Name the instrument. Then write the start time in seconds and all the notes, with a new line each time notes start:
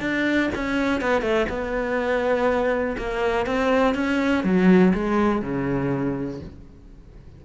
cello
0.00 D4
0.55 C#4
1.01 B3
1.22 A3
1.49 B3
2.98 A#3
3.46 C4
3.94 C#4
4.44 F#3
4.93 G#3
5.42 C#3